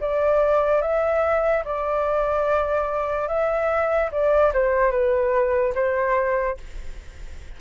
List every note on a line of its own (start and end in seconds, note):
0.00 0.81 D5
0.81 1.63 E5
1.64 3.28 D5
3.28 4.10 E5
4.11 4.52 D5
4.54 4.91 C5
4.91 5.73 B4
5.75 6.57 C5